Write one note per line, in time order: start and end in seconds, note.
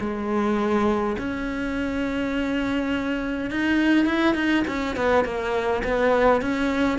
0.00 1.17 G#3
1.18 3.51 C#4
3.51 4.06 D#4
4.06 4.35 E4
4.35 4.64 D#4
4.67 4.96 C#4
4.96 5.25 B3
5.25 5.83 A#3
5.84 6.41 B3
6.41 6.99 C#4